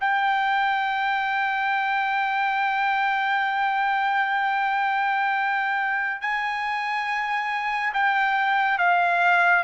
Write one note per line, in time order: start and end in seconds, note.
0.00 6.21 G5
6.21 7.92 G#5
7.93 8.78 G5
8.78 9.63 F5